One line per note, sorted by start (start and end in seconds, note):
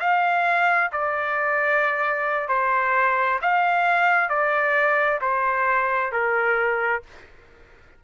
0.00 0.91 F5
0.92 2.49 D5
2.49 3.40 C5
3.42 4.29 F5
4.29 5.20 D5
5.21 6.12 C5
6.12 7.03 A#4